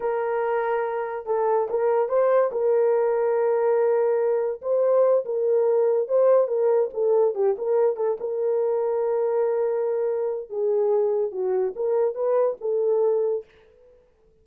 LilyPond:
\new Staff \with { instrumentName = "horn" } { \time 4/4 \tempo 4 = 143 ais'2. a'4 | ais'4 c''4 ais'2~ | ais'2. c''4~ | c''8 ais'2 c''4 ais'8~ |
ais'8 a'4 g'8 ais'4 a'8 ais'8~ | ais'1~ | ais'4 gis'2 fis'4 | ais'4 b'4 a'2 | }